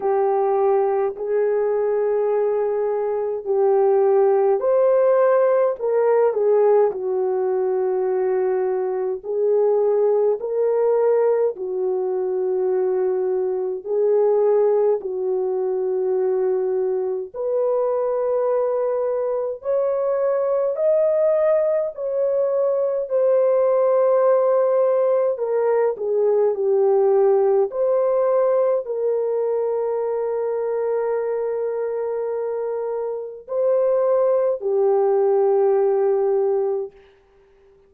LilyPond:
\new Staff \with { instrumentName = "horn" } { \time 4/4 \tempo 4 = 52 g'4 gis'2 g'4 | c''4 ais'8 gis'8 fis'2 | gis'4 ais'4 fis'2 | gis'4 fis'2 b'4~ |
b'4 cis''4 dis''4 cis''4 | c''2 ais'8 gis'8 g'4 | c''4 ais'2.~ | ais'4 c''4 g'2 | }